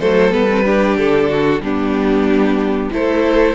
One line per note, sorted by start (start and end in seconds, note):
0.00 0.32 F#3
0.00 0.31 A3
0.00 0.65 A4
0.00 0.32 C5
0.31 0.97 G3
0.31 0.48 B3
0.31 0.97 B4
0.50 0.65 C4
0.65 1.61 D4
0.65 1.29 G4
0.97 1.60 D3
0.97 1.62 A4
1.29 1.61 F#4
1.60 2.89 G3
1.60 2.91 B3
1.60 2.91 D4
1.60 2.92 G4
2.91 3.55 A3
2.91 3.55 E4
2.91 3.55 A4
2.91 3.55 C5